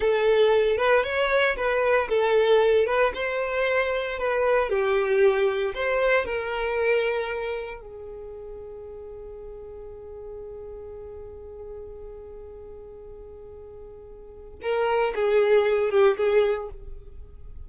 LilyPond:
\new Staff \with { instrumentName = "violin" } { \time 4/4 \tempo 4 = 115 a'4. b'8 cis''4 b'4 | a'4. b'8 c''2 | b'4 g'2 c''4 | ais'2. gis'4~ |
gis'1~ | gis'1~ | gis'1 | ais'4 gis'4. g'8 gis'4 | }